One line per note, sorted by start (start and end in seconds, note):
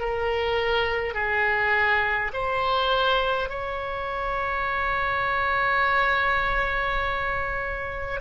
0.00 1.14 A#4
1.14 2.32 G#4
2.34 3.50 C5
3.50 8.20 C#5